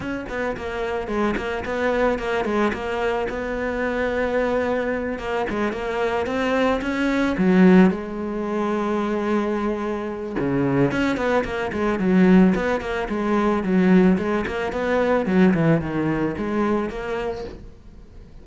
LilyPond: \new Staff \with { instrumentName = "cello" } { \time 4/4 \tempo 4 = 110 cis'8 b8 ais4 gis8 ais8 b4 | ais8 gis8 ais4 b2~ | b4. ais8 gis8 ais4 c'8~ | c'8 cis'4 fis4 gis4.~ |
gis2. cis4 | cis'8 b8 ais8 gis8 fis4 b8 ais8 | gis4 fis4 gis8 ais8 b4 | fis8 e8 dis4 gis4 ais4 | }